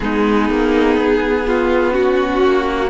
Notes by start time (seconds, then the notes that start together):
0.00 G#3 B3 D#4 G#4
0.50 A#3
0.97 B3
1.46 F4
1.90 C#4 F#4
2.43 A#3